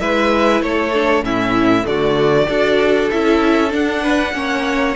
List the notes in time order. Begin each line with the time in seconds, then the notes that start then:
0.00 G#3 E4 B4 E5
0.62 A3 A4 C#5
0.94 D4
1.23 A2 C#4 E4 E5
1.83 D3 A3 F#4 D5
2.49 D4 F#4 A4
3.11 C#4 E4 E5
3.70 D4 F#5
4.03 B4
4.34 A#3 C#4 C#5